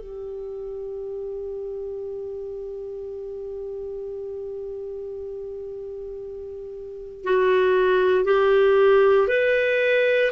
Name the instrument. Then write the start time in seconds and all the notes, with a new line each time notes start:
clarinet
0.00 G4
7.23 F#4
8.24 G4
9.27 B4